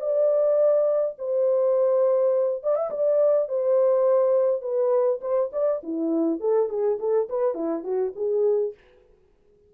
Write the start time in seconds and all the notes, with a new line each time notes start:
0.00 D5
1.18 C5
2.63 D5
2.76 E5
2.90 D5
3.48 C5
4.62 B4
5.22 C5
5.53 D5
5.83 E4
6.40 A4
6.69 G#4
7.00 A4
7.29 B4
7.55 E4
7.84 F#4
8.16 G#4